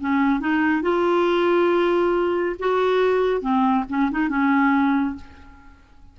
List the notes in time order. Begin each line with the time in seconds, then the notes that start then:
0.00 C#4
0.40 D#4
0.82 F4
2.58 F#4
3.41 C4
3.89 C#4
4.11 D#4
4.28 C#4